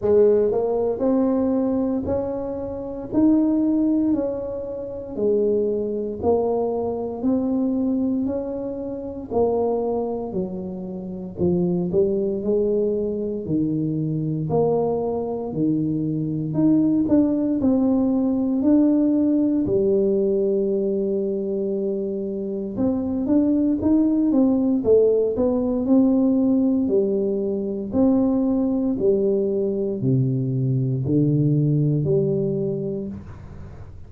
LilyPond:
\new Staff \with { instrumentName = "tuba" } { \time 4/4 \tempo 4 = 58 gis8 ais8 c'4 cis'4 dis'4 | cis'4 gis4 ais4 c'4 | cis'4 ais4 fis4 f8 g8 | gis4 dis4 ais4 dis4 |
dis'8 d'8 c'4 d'4 g4~ | g2 c'8 d'8 dis'8 c'8 | a8 b8 c'4 g4 c'4 | g4 c4 d4 g4 | }